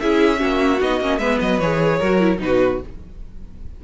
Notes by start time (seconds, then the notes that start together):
0.00 C#4 E4 G#4 E5
0.37 A#3 C#4 F#4
0.81 B3 D#4 D#5
1.01 A#3 C#4
1.18 G#3 B3 B4 E5
1.41 F#3 D#5
1.59 E3 G#4 C#5
1.98 F#3 F#4 A#4
2.21 E4
2.38 B2 D#4 B4
2.44 F#4